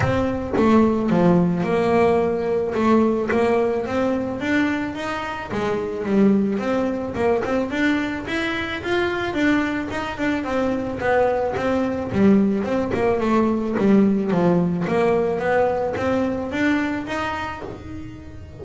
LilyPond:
\new Staff \with { instrumentName = "double bass" } { \time 4/4 \tempo 4 = 109 c'4 a4 f4 ais4~ | ais4 a4 ais4 c'4 | d'4 dis'4 gis4 g4 | c'4 ais8 c'8 d'4 e'4 |
f'4 d'4 dis'8 d'8 c'4 | b4 c'4 g4 c'8 ais8 | a4 g4 f4 ais4 | b4 c'4 d'4 dis'4 | }